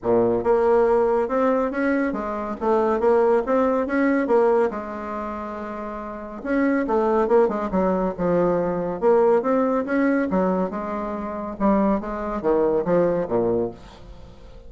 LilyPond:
\new Staff \with { instrumentName = "bassoon" } { \time 4/4 \tempo 4 = 140 ais,4 ais2 c'4 | cis'4 gis4 a4 ais4 | c'4 cis'4 ais4 gis4~ | gis2. cis'4 |
a4 ais8 gis8 fis4 f4~ | f4 ais4 c'4 cis'4 | fis4 gis2 g4 | gis4 dis4 f4 ais,4 | }